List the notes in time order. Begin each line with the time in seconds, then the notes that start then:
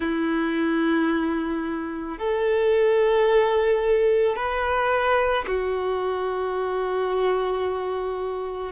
0.00 E4
2.18 A4
4.35 B4
5.47 F#4